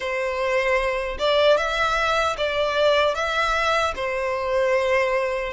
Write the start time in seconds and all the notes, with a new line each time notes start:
0.00 C5
1.18 D5
1.57 E5
2.37 D5
3.14 E5
3.95 C5